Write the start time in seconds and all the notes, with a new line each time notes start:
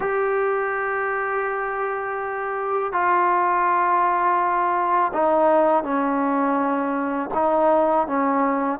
0.00 G4
2.92 F4
5.13 D#4
5.83 C#4
7.34 D#4
8.07 C#4